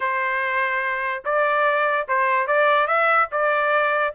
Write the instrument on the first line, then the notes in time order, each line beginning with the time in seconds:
trumpet
0.00 C5
1.25 D5
2.07 C5
2.47 D5
2.87 E5
3.31 D5